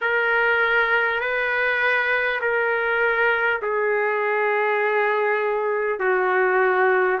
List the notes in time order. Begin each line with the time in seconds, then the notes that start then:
0.01 A#4
1.20 B4
2.41 A#4
3.62 G#4
5.99 F#4